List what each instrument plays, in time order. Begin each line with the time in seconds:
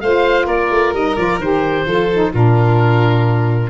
0.00 tuba A3, saxophone F4, violin C5, oboe F5
0.45 tuba A#3, violin A#4, oboe D5
0.70 tuba A3
0.93 tuba G3, saxophone D#4, oboe D#5
1.16 tuba F3, saxophone F4, oboe D5
1.38 tuba D#3, saxophone G4, oboe C5
1.85 tuba F3, saxophone F4, violin A4
2.13 saxophone D#4
2.33 tuba A#2, saxophone D4, violin F4, oboe A#4